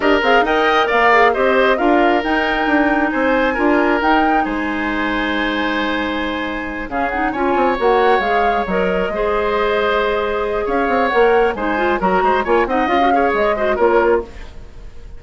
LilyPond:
<<
  \new Staff \with { instrumentName = "flute" } { \time 4/4 \tempo 4 = 135 dis''8 f''8 g''4 f''4 dis''4 | f''4 g''2 gis''4~ | gis''4 g''4 gis''2~ | gis''2.~ gis''8 f''8 |
fis''8 gis''4 fis''4 f''4 dis''8~ | dis''1 | f''4 fis''4 gis''4 ais''4 | gis''8 fis''8 f''4 dis''4 cis''4 | }
  \new Staff \with { instrumentName = "oboe" } { \time 4/4 ais'4 dis''4 d''4 c''4 | ais'2. c''4 | ais'2 c''2~ | c''2.~ c''8 gis'8~ |
gis'8 cis''2.~ cis''8~ | cis''8 c''2.~ c''8 | cis''2 c''4 ais'8 c''8 | cis''8 dis''4 cis''4 c''8 ais'4 | }
  \new Staff \with { instrumentName = "clarinet" } { \time 4/4 g'8 gis'8 ais'4. gis'8 g'4 | f'4 dis'2. | f'4 dis'2.~ | dis'2.~ dis'8 cis'8 |
dis'8 f'4 fis'4 gis'4 ais'8~ | ais'8 gis'2.~ gis'8~ | gis'4 ais'4 dis'8 f'8 fis'4 | f'8 dis'8 f'16 fis'16 gis'4 fis'8 f'4 | }
  \new Staff \with { instrumentName = "bassoon" } { \time 4/4 d'8 c'8 dis'4 ais4 c'4 | d'4 dis'4 d'4 c'4 | d'4 dis'4 gis2~ | gis2.~ gis8 cis8~ |
cis8 cis'8 c'8 ais4 gis4 fis8~ | fis8 gis2.~ gis8 | cis'8 c'8 ais4 gis4 fis8 gis8 | ais8 c'8 cis'4 gis4 ais4 | }
>>